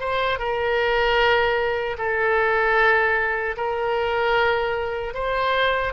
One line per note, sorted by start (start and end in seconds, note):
0.00 0.39 C5
0.39 1.97 A#4
1.98 3.56 A4
3.57 5.14 A#4
5.14 5.93 C5